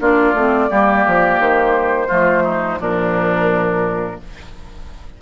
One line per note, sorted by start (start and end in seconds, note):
0.00 0.34 A#3
0.00 0.35 D4
0.00 0.70 F4
0.00 1.41 D5
0.34 0.69 A3
0.34 0.69 C4
0.69 1.06 G3
0.69 2.08 A#3
0.69 2.08 G4
1.07 1.40 F3
1.40 2.09 D#3
1.40 2.80 C5
2.08 2.80 F3
2.08 2.78 A3
2.08 2.43 F4
2.44 2.79 D#4
2.78 4.19 A#2
2.78 4.18 F3
2.78 4.20 D4
2.78 4.22 A#4